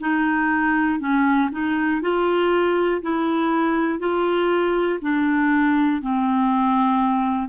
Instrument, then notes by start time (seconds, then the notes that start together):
clarinet
0.00 D#4
1.00 C#4
1.52 D#4
2.01 F4
3.02 E4
3.99 F4
5.02 D4
6.02 C4